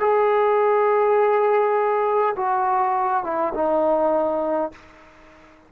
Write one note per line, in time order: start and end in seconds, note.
0.00 2.35 G#4
2.36 3.24 F#4
3.24 3.53 E4
3.55 4.72 D#4